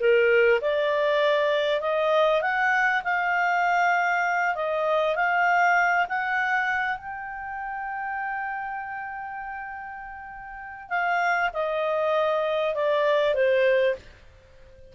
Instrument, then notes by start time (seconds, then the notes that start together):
clarinet
0.00 A#4
0.61 D5
1.81 D#5
2.42 F#5
3.04 F5
4.55 D#5
5.16 F5
6.09 F#5
6.98 G5
10.90 F5
11.53 D#5
12.75 D5
13.35 C5